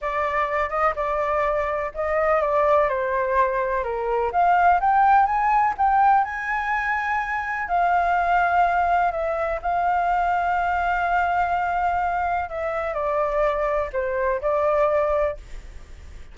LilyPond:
\new Staff \with { instrumentName = "flute" } { \time 4/4 \tempo 4 = 125 d''4. dis''8 d''2 | dis''4 d''4 c''2 | ais'4 f''4 g''4 gis''4 | g''4 gis''2. |
f''2. e''4 | f''1~ | f''2 e''4 d''4~ | d''4 c''4 d''2 | }